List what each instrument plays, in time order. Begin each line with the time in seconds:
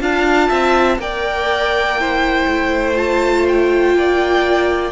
0.00 cello D4, viola F4, violin F5 A5
0.48 cello C4, violin E5
0.98 cello A#3, viola A#4, violin D5 G5
1.99 viola E4, violin C5
2.47 cello A3
2.95 viola F4, violin A5
3.48 violin G5
3.94 cello A#3, violin D5